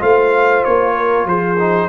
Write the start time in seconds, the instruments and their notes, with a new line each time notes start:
0.00 tuba A3, trombone F4, horn C5, trumpet F5
0.65 tuba A#3, trumpet C#5
0.96 horn A#4
1.25 tuba F3, horn G#4, trumpet C5
1.59 trombone D#4